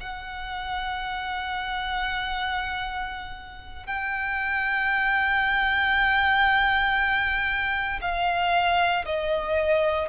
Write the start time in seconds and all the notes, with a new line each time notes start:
0.00 F#5
3.86 G5
8.02 F5
9.06 D#5